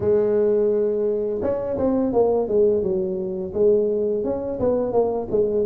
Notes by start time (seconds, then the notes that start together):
0.00 G#3
1.41 C#4
1.77 C4
2.12 A#3
2.48 G#3
2.82 F#3
3.53 G#3
4.24 C#4
4.59 B3
4.92 A#3
5.30 G#3